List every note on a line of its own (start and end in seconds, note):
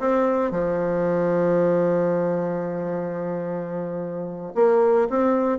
0.00 0.52 C4
0.52 4.54 F3
4.55 5.09 A#3
5.10 5.59 C4